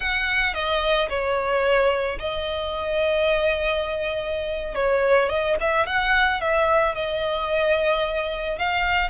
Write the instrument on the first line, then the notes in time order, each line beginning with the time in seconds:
violin
0.00 F#5
0.54 D#5
1.09 C#5
2.19 D#5
4.75 C#5
5.29 D#5
5.60 E5
5.86 F#5
6.41 E5
6.94 D#5
8.58 F5